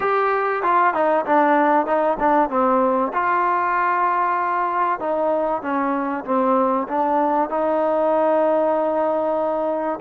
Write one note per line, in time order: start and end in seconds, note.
0.00 0.62 G4
0.62 0.94 F4
0.94 1.25 D#4
1.25 1.86 D4
1.86 2.17 D#4
2.19 2.49 D4
2.49 3.12 C4
3.12 4.99 F4
4.99 5.62 D#4
5.62 6.24 C#4
6.24 6.87 C4
6.88 7.49 D4
7.49 9.99 D#4